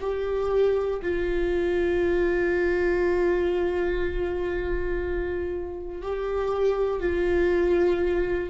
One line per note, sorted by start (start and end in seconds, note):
0.00 1.00 G4
1.02 6.02 F4
6.02 7.00 G4
7.00 8.50 F4